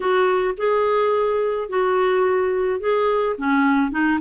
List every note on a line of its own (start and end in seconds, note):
0.00 0.55 F#4
0.57 1.69 G#4
1.69 2.79 F#4
2.79 3.35 G#4
3.37 3.91 C#4
3.91 4.19 D#4